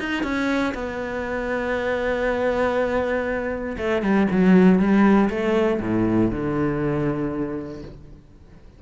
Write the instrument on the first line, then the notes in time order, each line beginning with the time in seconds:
cello
0.00 D#4
0.24 C#4
0.74 B3
3.78 A3
4.02 G3
4.32 F#3
4.79 G3
5.30 A3
5.81 A2
6.31 D3